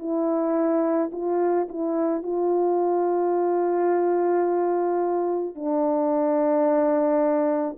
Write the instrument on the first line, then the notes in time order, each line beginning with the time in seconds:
horn
0.00 E4
1.13 F4
1.69 E4
2.23 F4
5.56 D4